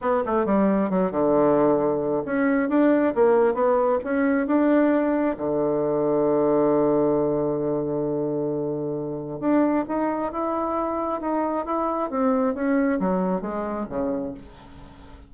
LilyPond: \new Staff \with { instrumentName = "bassoon" } { \time 4/4 \tempo 4 = 134 b8 a8 g4 fis8 d4.~ | d4 cis'4 d'4 ais4 | b4 cis'4 d'2 | d1~ |
d1~ | d4 d'4 dis'4 e'4~ | e'4 dis'4 e'4 c'4 | cis'4 fis4 gis4 cis4 | }